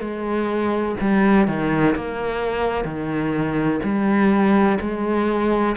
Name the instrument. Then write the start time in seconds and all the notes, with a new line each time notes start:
cello
0.00 G#3
1.00 G3
1.47 D#3
1.95 A#3
2.84 D#3
3.83 G3
4.80 G#3